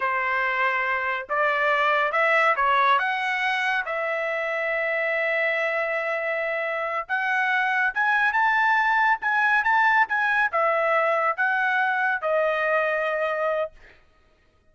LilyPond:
\new Staff \with { instrumentName = "trumpet" } { \time 4/4 \tempo 4 = 140 c''2. d''4~ | d''4 e''4 cis''4 fis''4~ | fis''4 e''2.~ | e''1~ |
e''8 fis''2 gis''4 a''8~ | a''4. gis''4 a''4 gis''8~ | gis''8 e''2 fis''4.~ | fis''8 dis''2.~ dis''8 | }